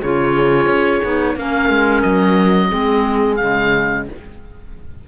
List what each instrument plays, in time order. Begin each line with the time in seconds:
0.00 cello C#3, clarinet F4, horn G#4, oboe C#5
0.67 cello C#4
1.04 cello B3, clarinet D#4
1.36 cello A#3, clarinet C#4, horn A#4, oboe F5
1.69 cello G#3
2.03 cello F#3, oboe D#5
2.69 cello G#3, clarinet C4, horn G#4
3.36 cello C#3, clarinet G#3, oboe F5